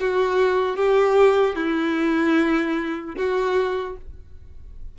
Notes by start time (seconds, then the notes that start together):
0.00 F#4
0.76 G4
1.56 E4
3.16 F#4